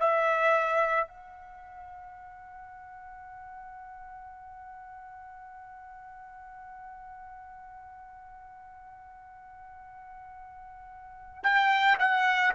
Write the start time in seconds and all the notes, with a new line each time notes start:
0.00 E5
1.08 F#5
11.44 G5
12.00 F#5